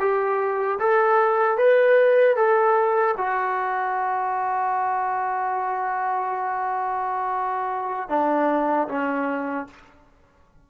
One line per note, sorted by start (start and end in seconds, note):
0.00 0.79 G4
0.80 1.58 A4
1.58 2.36 B4
2.36 3.15 A4
3.18 8.10 F#4
8.10 8.89 D4
8.89 9.67 C#4